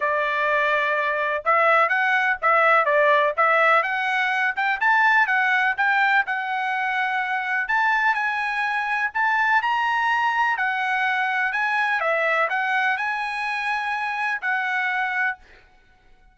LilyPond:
\new Staff \with { instrumentName = "trumpet" } { \time 4/4 \tempo 4 = 125 d''2. e''4 | fis''4 e''4 d''4 e''4 | fis''4. g''8 a''4 fis''4 | g''4 fis''2. |
a''4 gis''2 a''4 | ais''2 fis''2 | gis''4 e''4 fis''4 gis''4~ | gis''2 fis''2 | }